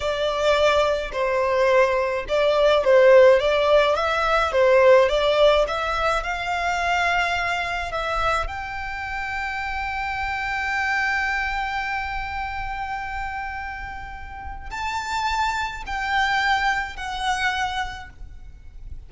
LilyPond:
\new Staff \with { instrumentName = "violin" } { \time 4/4 \tempo 4 = 106 d''2 c''2 | d''4 c''4 d''4 e''4 | c''4 d''4 e''4 f''4~ | f''2 e''4 g''4~ |
g''1~ | g''1~ | g''2 a''2 | g''2 fis''2 | }